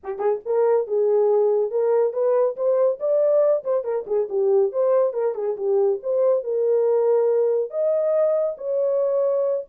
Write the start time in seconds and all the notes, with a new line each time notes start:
0.03 G4
0.18 G#4
0.45 A#4
0.87 G#4
1.70 A#4
2.13 B4
2.56 C5
2.99 D5
3.64 C5
3.84 A#4
4.06 G#4
4.29 G4
4.71 C5
5.13 A#4
5.35 G#4
5.56 G4
6.02 C5
6.43 A#4
7.70 D#5
8.57 C#5